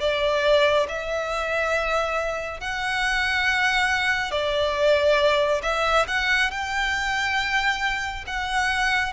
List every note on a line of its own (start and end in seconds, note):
0.00 0.87 D5
0.89 2.60 E5
2.60 4.32 F#5
4.32 5.62 D5
5.62 6.06 E5
6.08 6.51 F#5
6.51 8.25 G5
8.27 9.13 F#5